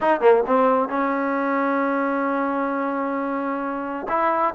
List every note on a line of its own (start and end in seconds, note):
0.01 0.20 D#4
0.20 0.43 A#3
0.46 0.88 C4
0.88 4.07 C#4
4.08 4.54 E4